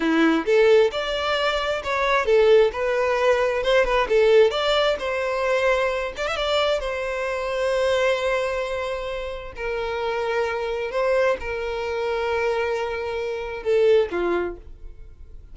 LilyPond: \new Staff \with { instrumentName = "violin" } { \time 4/4 \tempo 4 = 132 e'4 a'4 d''2 | cis''4 a'4 b'2 | c''8 b'8 a'4 d''4 c''4~ | c''4. d''16 e''16 d''4 c''4~ |
c''1~ | c''4 ais'2. | c''4 ais'2.~ | ais'2 a'4 f'4 | }